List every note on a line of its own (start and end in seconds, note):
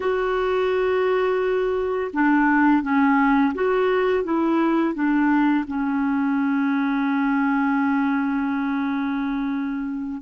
0.00 2.11 F#4
2.13 2.82 D4
2.82 3.53 C#4
3.54 4.24 F#4
4.24 4.94 E4
4.94 5.64 D4
5.67 10.22 C#4